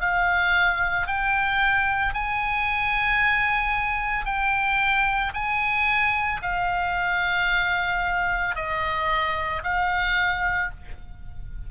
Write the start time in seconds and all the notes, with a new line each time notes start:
0.00 F5
1.07 G5
2.14 G#5
4.25 G5
5.34 G#5
6.42 F5
8.55 D#5
9.63 F5